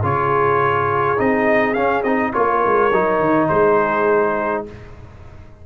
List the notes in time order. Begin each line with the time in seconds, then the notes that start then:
0.00 C#3 F4 G#4 C#5
1.17 C4 D#4 D#5
1.73 C#4 F5
2.03 C4 D#4 D#5
2.33 A#3 F4 A#4 C#5
2.66 G#3
2.90 F#3 D#4
3.19 D#3
3.48 G#3 G#4 C5